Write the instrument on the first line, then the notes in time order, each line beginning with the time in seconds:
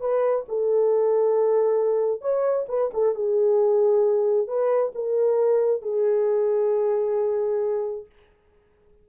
horn
0.00 B4
0.48 A4
2.21 C#5
2.68 B4
2.93 A4
3.14 G#4
4.47 B4
4.95 A#4
5.82 G#4